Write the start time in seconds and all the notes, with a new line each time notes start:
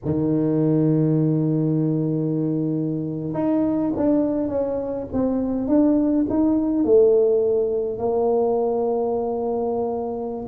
0.05 D#3
3.33 D#4
3.96 D4
4.48 C#4
5.12 C4
5.67 D4
6.29 D#4
6.84 A3
7.98 A#3